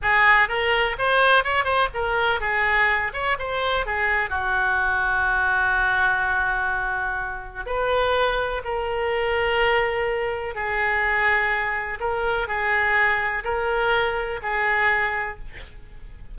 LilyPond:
\new Staff \with { instrumentName = "oboe" } { \time 4/4 \tempo 4 = 125 gis'4 ais'4 c''4 cis''8 c''8 | ais'4 gis'4. cis''8 c''4 | gis'4 fis'2.~ | fis'1 |
b'2 ais'2~ | ais'2 gis'2~ | gis'4 ais'4 gis'2 | ais'2 gis'2 | }